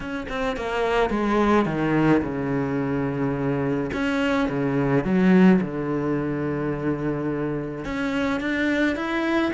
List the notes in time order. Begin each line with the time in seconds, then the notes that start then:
0.00 C#4
0.28 C4
0.56 A#3
1.10 G#3
1.65 D#3
2.22 C#3
3.93 C#4
4.48 C#3
5.04 F#3
5.61 D3
7.85 C#4
8.40 D4
8.96 E4